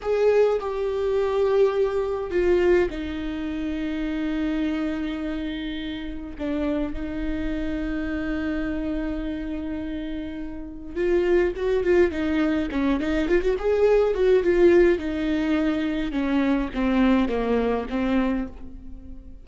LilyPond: \new Staff \with { instrumentName = "viola" } { \time 4/4 \tempo 4 = 104 gis'4 g'2. | f'4 dis'2.~ | dis'2. d'4 | dis'1~ |
dis'2. f'4 | fis'8 f'8 dis'4 cis'8 dis'8 f'16 fis'16 gis'8~ | gis'8 fis'8 f'4 dis'2 | cis'4 c'4 ais4 c'4 | }